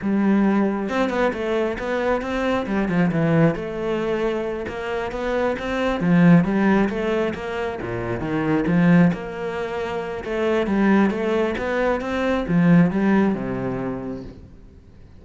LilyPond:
\new Staff \with { instrumentName = "cello" } { \time 4/4 \tempo 4 = 135 g2 c'8 b8 a4 | b4 c'4 g8 f8 e4 | a2~ a8 ais4 b8~ | b8 c'4 f4 g4 a8~ |
a8 ais4 ais,4 dis4 f8~ | f8 ais2~ ais8 a4 | g4 a4 b4 c'4 | f4 g4 c2 | }